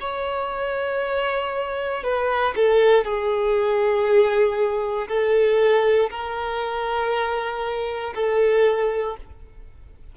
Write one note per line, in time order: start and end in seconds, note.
0.00 2.03 C#5
2.03 2.54 B4
2.56 3.04 A4
3.04 5.08 G#4
5.08 6.10 A4
6.10 8.14 A#4
8.14 9.16 A4